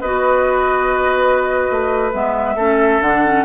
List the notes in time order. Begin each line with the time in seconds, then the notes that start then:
0.00 B3 F#4 B4 D#5
1.70 A3
2.12 G#3 B3 E5
2.56 A3 C#4 A4
3.01 D3 D4 F#5
3.25 C#4